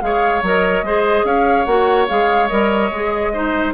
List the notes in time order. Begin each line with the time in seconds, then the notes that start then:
0.00 G#3 G#4 C#5 F5
0.42 F#3 A#4 D#5
0.82 G#3 G#4 C5
1.24 C#4 C#5 F5
1.65 A#3 F#4 F#5
2.08 G#3 G#4 F5
2.48 G3 A#4 D#5
2.90 G#3 G#4
3.32 D#4 C5